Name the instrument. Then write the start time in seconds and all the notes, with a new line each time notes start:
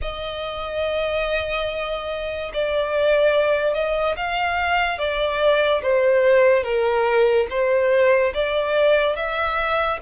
violin
0.02 D#5
2.53 D5
3.73 D#5
4.16 F5
4.98 D5
5.82 C5
6.63 A#4
7.50 C5
8.33 D5
9.16 E5